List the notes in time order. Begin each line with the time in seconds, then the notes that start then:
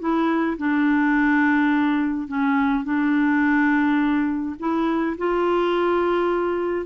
0.00 E4
0.58 D4
2.28 C#4
2.84 D4
4.59 E4
5.18 F4